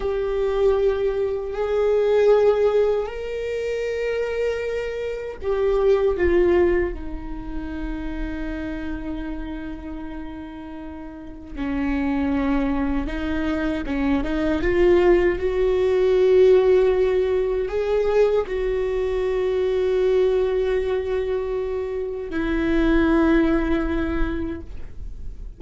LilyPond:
\new Staff \with { instrumentName = "viola" } { \time 4/4 \tempo 4 = 78 g'2 gis'2 | ais'2. g'4 | f'4 dis'2.~ | dis'2. cis'4~ |
cis'4 dis'4 cis'8 dis'8 f'4 | fis'2. gis'4 | fis'1~ | fis'4 e'2. | }